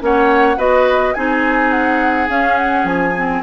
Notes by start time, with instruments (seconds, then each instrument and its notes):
0.00 bassoon A#3, clarinet C#4, oboe C#5, flute F#5
0.57 bassoon B3, clarinet F#4, oboe B4, flute D#5
1.13 bassoon C4, clarinet D#4, oboe G#4, flute G#5
1.70 flute F#5
2.28 clarinet C#4, bassoon C#4, flute F5
2.57 flute F#5
2.84 bassoon F3, flute G#5
3.15 clarinet C4